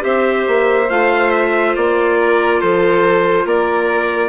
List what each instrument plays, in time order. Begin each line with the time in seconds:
0.00 bassoon C4, clarinet G4, violin C5, trumpet E5
0.48 bassoon A#3
0.90 bassoon A3, clarinet F4, trumpet F5
1.32 trumpet E5
1.76 bassoon A#3, trumpet D5
2.21 violin A#4
2.60 bassoon F3, violin A4, trumpet C5
3.46 bassoon A#3, violin A#4, trumpet D5